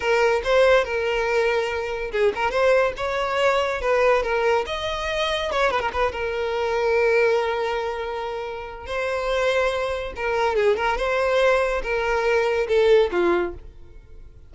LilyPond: \new Staff \with { instrumentName = "violin" } { \time 4/4 \tempo 4 = 142 ais'4 c''4 ais'2~ | ais'4 gis'8 ais'8 c''4 cis''4~ | cis''4 b'4 ais'4 dis''4~ | dis''4 cis''8 b'16 ais'16 b'8 ais'4.~ |
ais'1~ | ais'4 c''2. | ais'4 gis'8 ais'8 c''2 | ais'2 a'4 f'4 | }